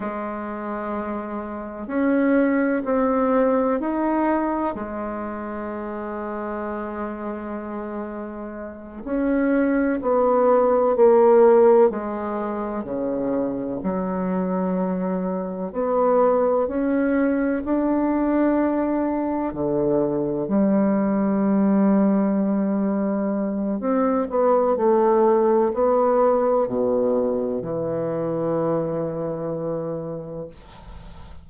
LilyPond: \new Staff \with { instrumentName = "bassoon" } { \time 4/4 \tempo 4 = 63 gis2 cis'4 c'4 | dis'4 gis2.~ | gis4. cis'4 b4 ais8~ | ais8 gis4 cis4 fis4.~ |
fis8 b4 cis'4 d'4.~ | d'8 d4 g2~ g8~ | g4 c'8 b8 a4 b4 | b,4 e2. | }